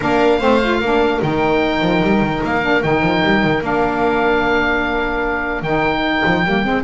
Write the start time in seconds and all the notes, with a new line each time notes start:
0.00 A#3 D4 A#4 F5
0.38 A3 C4 C5
0.62 F4
0.79 A#3 D4 A#4
1.21 D#3 D#4 G5
1.81 F3
2.03 G3
2.20 D#3
2.43 A#3 F5
2.61 D4
2.82 D#3 D#4 G5
3.02 F3
3.23 G3
3.43 D#3
3.61 A#3 D4 F5
5.62 D#3 D#4 G5
6.25 F3
6.44 G3 A#3
6.64 G#3 C4